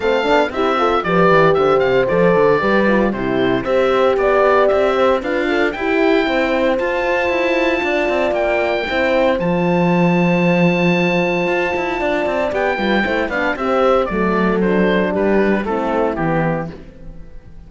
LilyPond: <<
  \new Staff \with { instrumentName = "oboe" } { \time 4/4 \tempo 4 = 115 f''4 e''4 d''4 e''8 f''8 | d''2 c''4 e''4 | d''4 e''4 f''4 g''4~ | g''4 a''2. |
g''2 a''2~ | a''1 | g''4. f''8 e''4 d''4 | c''4 b'4 a'4 g'4 | }
  \new Staff \with { instrumentName = "horn" } { \time 4/4 a'4 g'8 a'8 b'4 c''4~ | c''4 b'4 g'4 c''4 | d''4. c''8 b'8 a'8 g'4 | c''2. d''4~ |
d''4 c''2.~ | c''2. d''4~ | d''8 b'8 c''8 d''8 g'4 a'4~ | a'4 g'4 e'2 | }
  \new Staff \with { instrumentName = "horn" } { \time 4/4 c'8 d'8 e'8 f'8 g'2 | a'4 g'8 f'8 e'4 g'4~ | g'2 f'4 e'4~ | e'4 f'2.~ |
f'4 e'4 f'2~ | f'1 | g'8 f'8 e'8 d'8 c'4 a4 | d'2 c'4 b4 | }
  \new Staff \with { instrumentName = "cello" } { \time 4/4 a8 b8 c'4 f8 e8 d8 c8 | f8 d8 g4 c4 c'4 | b4 c'4 d'4 e'4 | c'4 f'4 e'4 d'8 c'8 |
ais4 c'4 f2~ | f2 f'8 e'8 d'8 c'8 | b8 g8 a8 b8 c'4 fis4~ | fis4 g4 a4 e4 | }
>>